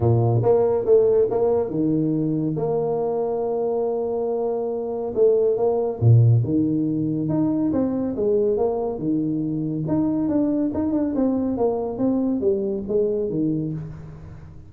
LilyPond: \new Staff \with { instrumentName = "tuba" } { \time 4/4 \tempo 4 = 140 ais,4 ais4 a4 ais4 | dis2 ais2~ | ais1 | a4 ais4 ais,4 dis4~ |
dis4 dis'4 c'4 gis4 | ais4 dis2 dis'4 | d'4 dis'8 d'8 c'4 ais4 | c'4 g4 gis4 dis4 | }